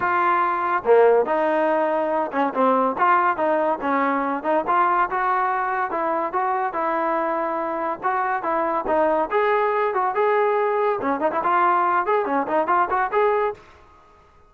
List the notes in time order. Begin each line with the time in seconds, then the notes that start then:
0.00 F4
0.85 A#3
1.25 D#4
2.32 C#4
2.54 C4
2.98 F4
3.36 D#4
3.81 C#4
4.43 D#4
4.67 F4
5.10 F#4
5.90 E4
6.32 F#4
6.73 E4
8.03 F#4
8.42 E4
8.87 D#4
9.30 G#4
9.94 F#4
10.14 G#4
11.01 C#4
11.20 D#4
11.31 E4
11.43 F4
12.06 G#4
12.25 C#4
12.47 D#4
12.67 F4
12.89 F#4
13.11 G#4